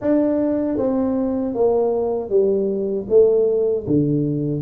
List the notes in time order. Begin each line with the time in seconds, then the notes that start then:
0.01 D4
0.77 C4
1.54 A#3
2.29 G3
3.09 A3
3.86 D3